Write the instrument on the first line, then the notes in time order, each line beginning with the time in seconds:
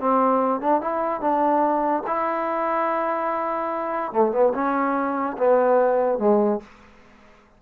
trombone
0.00 C4
0.61 D4
0.81 E4
1.21 D4
2.07 E4
4.12 A3
4.32 B3
4.54 C#4
5.38 B3
6.18 G#3